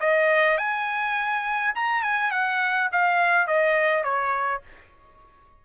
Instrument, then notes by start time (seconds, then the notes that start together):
trumpet
0.00 D#5
0.57 G#5
1.75 A#5
2.02 G#5
2.31 F#5
2.92 F5
3.47 D#5
4.03 C#5